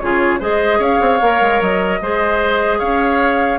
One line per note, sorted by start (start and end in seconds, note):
0.00 0.41 C#3
0.00 0.41 F4
0.00 0.40 G#4
0.00 0.40 C#5
0.40 0.79 G#3
0.40 1.21 G#4
0.40 0.79 C5
0.40 0.82 D#5
0.79 0.99 C#4
0.79 1.99 C#5
0.79 1.62 F5
1.01 1.21 C4
1.21 1.41 A#3
1.21 2.02 A#4
1.41 1.61 G#3
1.61 2.01 F#3
1.61 2.79 D#5
2.01 2.81 G#3
2.01 3.59 G#4
2.01 2.79 C5
2.79 3.59 C#4
2.79 3.59 C#5
2.79 3.59 F5